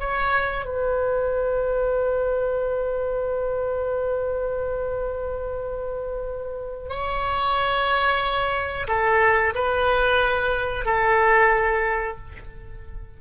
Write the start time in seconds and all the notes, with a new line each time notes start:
0.00 C#5
0.65 B4
6.90 C#5
8.88 A4
9.55 B4
10.86 A4